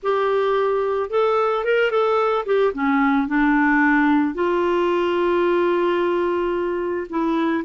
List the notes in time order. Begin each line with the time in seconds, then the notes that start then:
0.02 G4
1.10 A4
1.64 A#4
1.90 A4
2.45 G4
2.73 C#4
3.27 D4
4.34 F4
7.09 E4